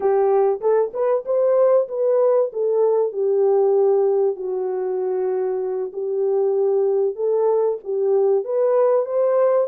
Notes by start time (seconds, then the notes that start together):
0.00 G4
0.60 A4
0.93 B4
1.25 C5
1.88 B4
2.52 A4
3.12 G4
4.36 F#4
5.93 G4
7.15 A4
7.84 G4
8.44 B4
9.05 C5